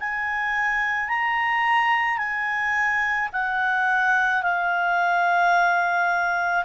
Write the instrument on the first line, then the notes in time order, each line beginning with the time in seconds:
clarinet
0.00 G#5
1.09 A#5
2.18 G#5
3.33 F#5
4.42 F5